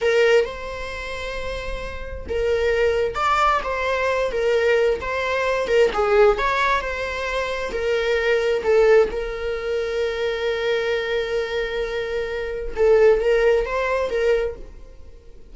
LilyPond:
\new Staff \with { instrumentName = "viola" } { \time 4/4 \tempo 4 = 132 ais'4 c''2.~ | c''4 ais'2 d''4 | c''4. ais'4. c''4~ | c''8 ais'8 gis'4 cis''4 c''4~ |
c''4 ais'2 a'4 | ais'1~ | ais'1 | a'4 ais'4 c''4 ais'4 | }